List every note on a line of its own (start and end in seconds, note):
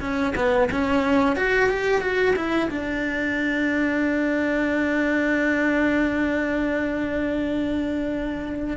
0.00 0.34 C#4
0.35 0.69 B3
0.71 1.36 C#4
1.36 1.69 F#4
1.69 2.01 G4
2.01 2.34 F#4
2.36 2.69 E4
2.70 8.77 D4